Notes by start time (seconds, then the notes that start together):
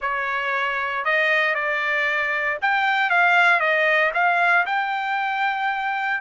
0.01 C#5
1.05 D#5
1.54 D5
2.61 G5
3.10 F5
3.59 D#5
4.14 F5
4.66 G5